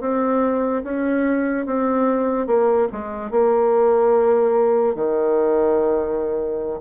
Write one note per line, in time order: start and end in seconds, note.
0.00 0.82 C4
0.83 1.66 C#4
1.66 2.47 C4
2.47 2.88 A#3
2.91 3.30 G#3
3.30 4.95 A#3
4.95 6.80 D#3